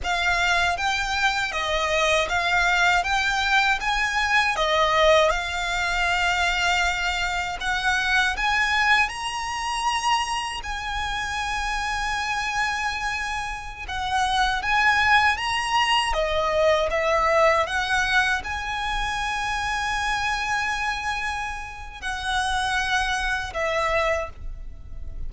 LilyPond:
\new Staff \with { instrumentName = "violin" } { \time 4/4 \tempo 4 = 79 f''4 g''4 dis''4 f''4 | g''4 gis''4 dis''4 f''4~ | f''2 fis''4 gis''4 | ais''2 gis''2~ |
gis''2~ gis''16 fis''4 gis''8.~ | gis''16 ais''4 dis''4 e''4 fis''8.~ | fis''16 gis''2.~ gis''8.~ | gis''4 fis''2 e''4 | }